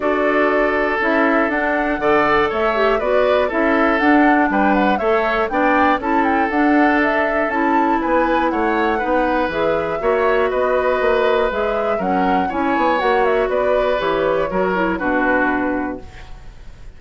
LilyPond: <<
  \new Staff \with { instrumentName = "flute" } { \time 4/4 \tempo 4 = 120 d''2 e''4 fis''4~ | fis''4 e''4 d''4 e''4 | fis''4 g''8 fis''8 e''4 g''4 | a''8 g''8 fis''4 e''4 a''4 |
gis''4 fis''2 e''4~ | e''4 dis''2 e''4 | fis''4 gis''4 fis''8 e''8 d''4 | cis''2 b'2 | }
  \new Staff \with { instrumentName = "oboe" } { \time 4/4 a'1 | d''4 cis''4 b'4 a'4~ | a'4 b'4 cis''4 d''4 | a'1 |
b'4 cis''4 b'2 | cis''4 b'2. | ais'4 cis''2 b'4~ | b'4 ais'4 fis'2 | }
  \new Staff \with { instrumentName = "clarinet" } { \time 4/4 fis'2 e'4 d'4 | a'4. g'8 fis'4 e'4 | d'2 a'4 d'4 | e'4 d'2 e'4~ |
e'2 dis'4 gis'4 | fis'2. gis'4 | cis'4 e'4 fis'2 | g'4 fis'8 e'8 d'2 | }
  \new Staff \with { instrumentName = "bassoon" } { \time 4/4 d'2 cis'4 d'4 | d4 a4 b4 cis'4 | d'4 g4 a4 b4 | cis'4 d'2 cis'4 |
b4 a4 b4 e4 | ais4 b4 ais4 gis4 | fis4 cis'8 b8 ais4 b4 | e4 fis4 b,2 | }
>>